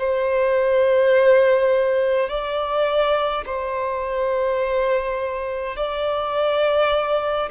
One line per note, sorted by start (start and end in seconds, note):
0.00 2.30 C5
2.30 3.45 D5
3.46 5.77 C5
5.77 7.50 D5